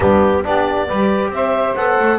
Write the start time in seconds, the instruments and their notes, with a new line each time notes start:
0.00 double bass G3, trombone B3, saxophone D4, clarinet G4
0.43 double bass B3, trombone D4, saxophone G4, clarinet D5
0.87 double bass G3, trombone G4, saxophone B4
1.29 double bass C4, saxophone C5, clarinet E5
1.75 double bass B3, trombone A4, clarinet F#5
1.99 double bass A3